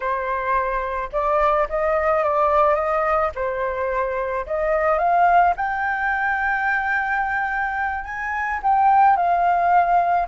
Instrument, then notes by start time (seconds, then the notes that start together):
flute
0.00 C5
1.12 D5
1.69 D#5
2.23 D5
2.74 D#5
3.35 C5
4.46 D#5
4.98 F5
5.56 G5
8.04 G#5
8.63 G5
9.16 F5